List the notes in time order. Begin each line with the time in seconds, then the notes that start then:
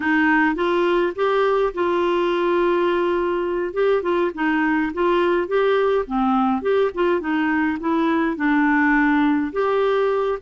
0.00 D#4
0.55 F4
1.15 G4
1.74 F4
3.73 G4
4.02 F4
4.34 D#4
4.93 F4
5.47 G4
6.06 C4
6.61 G4
6.94 F4
7.20 D#4
7.80 E4
8.36 D4
9.52 G4